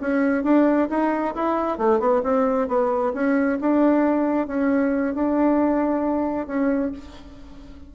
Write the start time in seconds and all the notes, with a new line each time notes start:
0.00 C#4
0.44 D4
0.89 D#4
1.35 E4
1.78 A3
1.99 B3
2.23 C4
2.68 B3
3.13 C#4
3.60 D4
4.47 C#4
5.14 D4
6.47 C#4